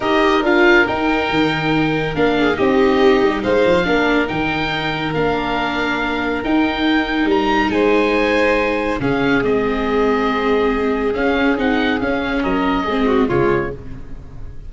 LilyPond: <<
  \new Staff \with { instrumentName = "oboe" } { \time 4/4 \tempo 4 = 140 dis''4 f''4 g''2~ | g''4 f''4 dis''2 | f''2 g''2 | f''2. g''4~ |
g''4 ais''4 gis''2~ | gis''4 f''4 dis''2~ | dis''2 f''4 fis''4 | f''4 dis''2 cis''4 | }
  \new Staff \with { instrumentName = "violin" } { \time 4/4 ais'1~ | ais'4. gis'8 g'2 | c''4 ais'2.~ | ais'1~ |
ais'2 c''2~ | c''4 gis'2.~ | gis'1~ | gis'4 ais'4 gis'8 fis'8 f'4 | }
  \new Staff \with { instrumentName = "viola" } { \time 4/4 g'4 f'4 dis'2~ | dis'4 d'4 dis'2~ | dis'4 d'4 dis'2 | d'2. dis'4~ |
dis'1~ | dis'4 cis'4 c'2~ | c'2 cis'4 dis'4 | cis'2 c'4 gis4 | }
  \new Staff \with { instrumentName = "tuba" } { \time 4/4 dis'4 d'4 dis'4 dis4~ | dis4 ais4 c'4. g8 | gis8 f8 ais4 dis2 | ais2. dis'4~ |
dis'4 g4 gis2~ | gis4 cis4 gis2~ | gis2 cis'4 c'4 | cis'4 fis4 gis4 cis4 | }
>>